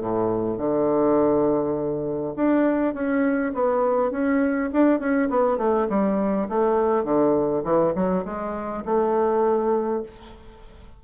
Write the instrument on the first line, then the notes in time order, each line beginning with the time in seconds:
bassoon
0.00 A2
0.57 D3
2.36 D4
2.94 C#4
3.54 B3
4.11 C#4
4.73 D4
4.99 C#4
5.30 B3
5.57 A3
5.89 G3
6.49 A3
7.03 D3
7.64 E3
7.95 F#3
8.25 G#3
8.85 A3